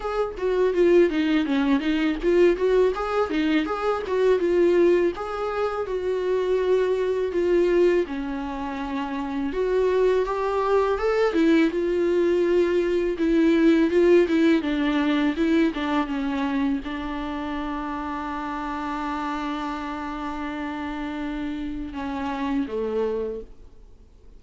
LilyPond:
\new Staff \with { instrumentName = "viola" } { \time 4/4 \tempo 4 = 82 gis'8 fis'8 f'8 dis'8 cis'8 dis'8 f'8 fis'8 | gis'8 dis'8 gis'8 fis'8 f'4 gis'4 | fis'2 f'4 cis'4~ | cis'4 fis'4 g'4 a'8 e'8 |
f'2 e'4 f'8 e'8 | d'4 e'8 d'8 cis'4 d'4~ | d'1~ | d'2 cis'4 a4 | }